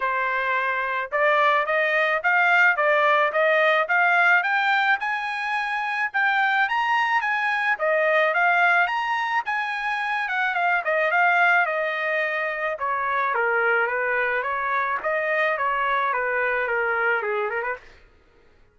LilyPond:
\new Staff \with { instrumentName = "trumpet" } { \time 4/4 \tempo 4 = 108 c''2 d''4 dis''4 | f''4 d''4 dis''4 f''4 | g''4 gis''2 g''4 | ais''4 gis''4 dis''4 f''4 |
ais''4 gis''4. fis''8 f''8 dis''8 | f''4 dis''2 cis''4 | ais'4 b'4 cis''4 dis''4 | cis''4 b'4 ais'4 gis'8 ais'16 b'16 | }